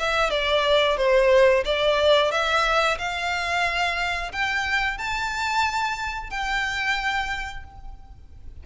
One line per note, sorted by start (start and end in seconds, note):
0.00 0.31 E5
0.31 0.97 D5
0.97 1.64 C5
1.65 2.32 D5
2.32 2.98 E5
2.99 4.32 F5
4.33 4.98 G5
4.98 6.31 A5
6.31 7.64 G5